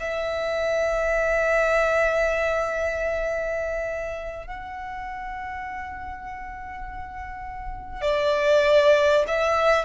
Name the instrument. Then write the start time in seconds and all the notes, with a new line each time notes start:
violin
0.00 E5
4.47 F#5
8.02 D5
9.28 E5